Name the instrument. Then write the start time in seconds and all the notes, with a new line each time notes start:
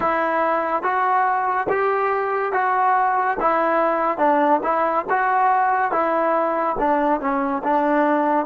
trombone
0.00 E4
0.82 F#4
1.69 G4
2.52 F#4
3.40 E4
4.18 D4
4.62 E4
5.09 F#4
5.91 E4
6.78 D4
7.20 C#4
7.63 D4